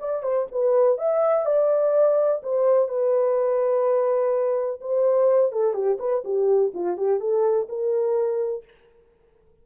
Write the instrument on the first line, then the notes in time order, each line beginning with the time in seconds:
horn
0.00 D5
0.23 C5
0.52 B4
0.98 E5
1.46 D5
2.43 C5
2.89 B4
4.81 C5
5.52 A4
5.74 G4
6.00 B4
6.25 G4
6.74 F4
6.98 G4
7.21 A4
7.69 A#4